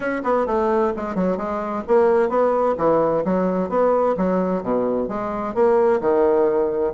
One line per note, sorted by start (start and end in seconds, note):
0.00 0.21 C#4
0.23 0.46 B3
0.46 0.92 A3
0.96 1.15 G#3
1.15 1.37 F#3
1.37 1.83 G#3
1.87 2.29 A#3
2.29 2.75 B3
2.77 3.23 E3
3.24 3.69 F#3
3.69 4.15 B3
4.17 4.63 F#3
4.63 5.08 B2
5.08 5.54 G#3
5.54 6.00 A#3
6.00 6.93 D#3